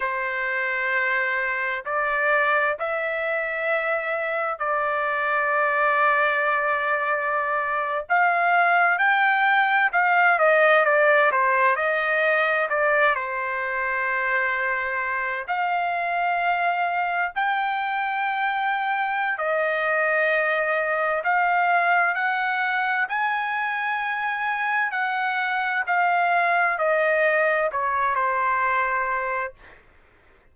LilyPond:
\new Staff \with { instrumentName = "trumpet" } { \time 4/4 \tempo 4 = 65 c''2 d''4 e''4~ | e''4 d''2.~ | d''8. f''4 g''4 f''8 dis''8 d''16~ | d''16 c''8 dis''4 d''8 c''4.~ c''16~ |
c''8. f''2 g''4~ g''16~ | g''4 dis''2 f''4 | fis''4 gis''2 fis''4 | f''4 dis''4 cis''8 c''4. | }